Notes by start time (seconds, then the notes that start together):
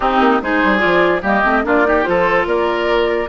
0.00 C4 D#4 G4
0.19 A#3
0.42 G#3 D#4 G#4 C5
0.63 G3
0.78 F4 D5
0.84 F3
1.21 G3 A#3 G4 D#5
1.43 A3 C4
1.64 A#3 D4 F4 D5
1.83 D#4 G4
2.03 F3 F4 A4 C5
2.45 A#3 A#4 D5